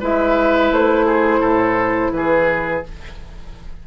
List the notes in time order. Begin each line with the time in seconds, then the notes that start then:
0.00 G#3 E4 B4 E5
0.71 A3 C5
1.06 G#4
1.39 A2 A4
2.12 E3 G#4 B4